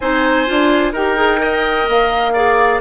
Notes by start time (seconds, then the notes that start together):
0.00 C4 D#4 C5 G#5
0.46 D4 F4
0.92 D#4 G4 A#4 G5
1.16 G#4
1.37 A#4 D#5
1.88 A#3 F5
2.33 G#4 D5